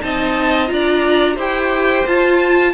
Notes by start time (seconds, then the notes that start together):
0.00 C4 D#4 D#5 A5
0.66 D4 F4 A#5
0.73 D5
1.35 E4 G4 C5 G5
2.07 F4 A5